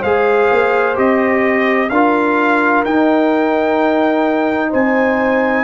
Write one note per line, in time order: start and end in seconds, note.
0.00 0.50 G#3
0.00 0.95 G#4
0.00 1.88 C5
0.00 0.96 F5
0.52 0.97 A#3
0.95 1.90 C4
0.95 1.89 G4
0.95 1.89 D#5
1.89 2.84 D4
1.89 2.86 F4
1.89 4.70 A#4
1.89 2.83 F5
2.84 4.72 D#4
2.84 5.64 D#4
2.84 4.72 G5
4.70 5.64 C4
4.70 5.63 C5
4.70 5.64 G#5